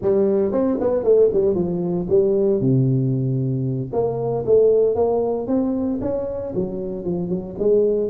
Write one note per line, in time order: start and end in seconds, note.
0.01 0.52 G3
0.52 0.78 C4
0.80 1.03 B3
1.03 1.29 A3
1.33 1.54 G3
1.54 2.07 F3
2.09 2.60 G3
2.60 3.91 C3
3.92 4.45 A#3
4.46 4.95 A3
4.95 5.47 A#3
5.47 5.99 C4
6.01 6.53 C#4
6.54 7.04 F#3
7.04 7.29 F3
7.29 7.55 F#3
7.58 8.10 G#3